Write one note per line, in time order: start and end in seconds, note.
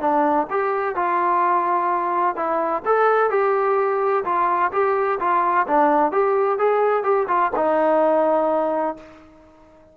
0.00 0.47 D4
0.50 0.95 G4
0.95 2.36 F4
2.36 2.83 E4
2.85 3.30 A4
3.30 4.24 G4
4.24 4.71 F4
4.72 5.19 G4
5.19 5.66 F4
5.67 6.12 D4
6.12 6.58 G4
6.58 7.03 G#4
7.03 7.27 G4
7.28 7.51 F4
7.56 8.96 D#4